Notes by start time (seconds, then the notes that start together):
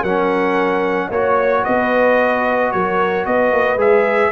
0.00 F#3 C#4 A#4 F#5
1.10 A#3 F#4 C#5
1.63 B3 B4 D#5
2.72 F#3 A#4 C#5
3.25 B3 B4 D#5
3.52 A#3
3.76 G#3 G#4 E5